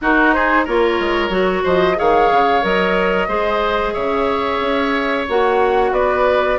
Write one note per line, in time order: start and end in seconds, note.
0.01 0.67 D#4
0.01 0.34 F#4
0.01 0.32 A#4
0.32 0.64 G#4
0.32 0.65 C5
0.64 0.99 A#3
0.64 1.30 F4
0.64 1.63 A#4
0.64 1.65 C#5
0.99 1.29 G#3
1.29 1.62 F#3
1.29 1.95 F#4
1.63 1.98 F3
1.63 1.96 C5
1.63 1.98 D#5
1.95 2.31 D#3
1.95 2.61 G#4
1.95 3.28 C#5
1.95 2.64 F5
2.31 2.63 C#3
2.62 3.28 F#3
2.62 3.28 A#4
2.62 3.94 D#5
3.28 3.94 G#3
3.28 5.26 G#4
3.28 3.93 C5
3.93 4.60 C#3
3.93 5.91 C#5
3.93 5.25 E5
4.60 5.26 C#4
5.28 5.91 A#3
5.28 6.59 F#4
5.28 5.93 F#5
5.91 6.57 B3
5.91 6.59 B4
5.91 6.59 D5